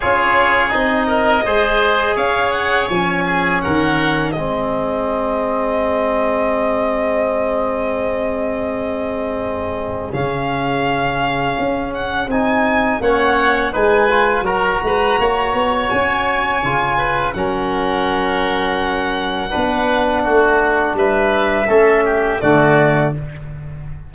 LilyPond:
<<
  \new Staff \with { instrumentName = "violin" } { \time 4/4 \tempo 4 = 83 cis''4 dis''2 f''8 fis''8 | gis''4 fis''4 dis''2~ | dis''1~ | dis''2 f''2~ |
f''8 fis''8 gis''4 fis''4 gis''4 | ais''2 gis''2 | fis''1~ | fis''4 e''2 d''4 | }
  \new Staff \with { instrumentName = "oboe" } { \time 4/4 gis'4. ais'8 c''4 cis''4~ | cis''8 gis'8 ais'4 gis'2~ | gis'1~ | gis'1~ |
gis'2 cis''4 b'4 | ais'8 b'8 cis''2~ cis''8 b'8 | ais'2. b'4 | fis'4 b'4 a'8 g'8 fis'4 | }
  \new Staff \with { instrumentName = "trombone" } { \time 4/4 f'4 dis'4 gis'2 | cis'2 c'2~ | c'1~ | c'2 cis'2~ |
cis'4 dis'4 cis'4 dis'8 f'8 | fis'2. f'4 | cis'2. d'4~ | d'2 cis'4 a4 | }
  \new Staff \with { instrumentName = "tuba" } { \time 4/4 cis'4 c'4 gis4 cis'4 | f4 dis4 gis2~ | gis1~ | gis2 cis2 |
cis'4 c'4 ais4 gis4 | fis8 gis8 ais8 b8 cis'4 cis4 | fis2. b4 | a4 g4 a4 d4 | }
>>